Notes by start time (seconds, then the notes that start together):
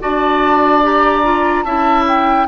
0.00 D4 F#4 D5 A5
0.83 G4 A#5
1.23 F4
1.63 C#4 E4 E5 A5
2.08 G5